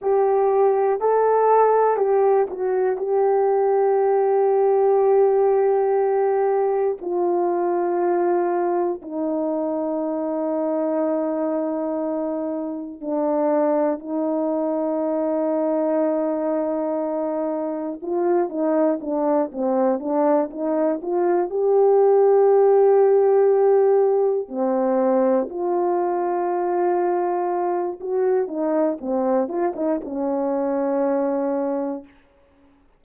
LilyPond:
\new Staff \with { instrumentName = "horn" } { \time 4/4 \tempo 4 = 60 g'4 a'4 g'8 fis'8 g'4~ | g'2. f'4~ | f'4 dis'2.~ | dis'4 d'4 dis'2~ |
dis'2 f'8 dis'8 d'8 c'8 | d'8 dis'8 f'8 g'2~ g'8~ | g'8 c'4 f'2~ f'8 | fis'8 dis'8 c'8 f'16 dis'16 cis'2 | }